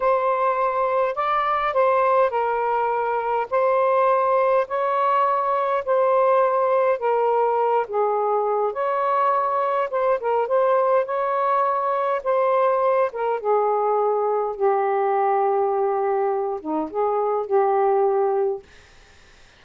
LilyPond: \new Staff \with { instrumentName = "saxophone" } { \time 4/4 \tempo 4 = 103 c''2 d''4 c''4 | ais'2 c''2 | cis''2 c''2 | ais'4. gis'4. cis''4~ |
cis''4 c''8 ais'8 c''4 cis''4~ | cis''4 c''4. ais'8 gis'4~ | gis'4 g'2.~ | g'8 dis'8 gis'4 g'2 | }